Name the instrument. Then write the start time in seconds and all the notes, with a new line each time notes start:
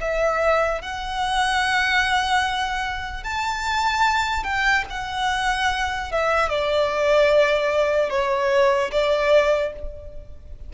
violin
0.00 E5
0.81 F#5
3.23 A5
4.43 G5
4.89 F#5
6.11 E5
6.49 D5
8.09 C#5
8.92 D5